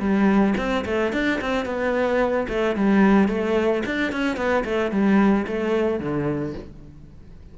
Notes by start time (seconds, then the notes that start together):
0.00 G3
0.58 C4
0.85 A3
1.13 D4
1.41 C4
1.66 B3
2.49 A3
2.76 G3
3.29 A3
3.86 D4
4.12 C#4
4.37 B3
4.65 A3
4.92 G3
5.47 A3
6.00 D3